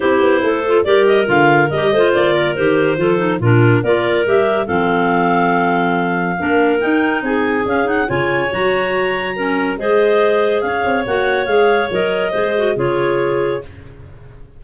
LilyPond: <<
  \new Staff \with { instrumentName = "clarinet" } { \time 4/4 \tempo 4 = 141 c''2 d''8 dis''8 f''4 | dis''4 d''4 c''2 | ais'4 d''4 e''4 f''4~ | f''1 |
g''4 gis''4 f''8 fis''8 gis''4 | ais''2. dis''4~ | dis''4 f''4 fis''4 f''4 | dis''2 cis''2 | }
  \new Staff \with { instrumentName = "clarinet" } { \time 4/4 g'4 a'4 ais'2~ | ais'8 c''4 ais'4. a'4 | f'4 ais'2 a'4~ | a'2. ais'4~ |
ais'4 gis'2 cis''4~ | cis''2 ais'4 c''4~ | c''4 cis''2.~ | cis''4 c''4 gis'2 | }
  \new Staff \with { instrumentName = "clarinet" } { \time 4/4 e'4. f'8 g'4 f'4 | g'8 f'4. g'4 f'8 dis'8 | d'4 f'4 g'4 c'4~ | c'2. d'4 |
dis'2 cis'8 dis'8 f'4 | fis'2 cis'4 gis'4~ | gis'2 fis'4 gis'4 | ais'4 gis'8 fis'8 f'2 | }
  \new Staff \with { instrumentName = "tuba" } { \time 4/4 c'8 b8 a4 g4 d4 | g8 a8 ais4 dis4 f4 | ais,4 ais4 g4 f4~ | f2. ais4 |
dis'4 c'4 cis'4 cis4 | fis2. gis4~ | gis4 cis'8 c'8 ais4 gis4 | fis4 gis4 cis2 | }
>>